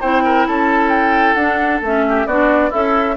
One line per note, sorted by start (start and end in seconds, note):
0.00 0.47 C4
0.00 1.38 E4
0.00 0.23 C5
0.00 0.46 G5
0.25 0.47 A#4
0.47 1.35 C#4
0.47 2.05 A4
0.47 0.89 A5
0.89 1.34 G5
1.34 1.80 D4
1.34 1.83 D4
1.34 1.79 F#5
1.81 2.26 A3
1.81 2.29 C#4
1.81 2.26 E5
2.09 2.26 G4
2.26 2.71 B3
2.26 2.71 D4
2.26 2.70 F#4
2.26 2.71 D5
2.70 3.17 C#4
2.70 3.15 E4
2.70 3.17 A4
2.70 3.17 E5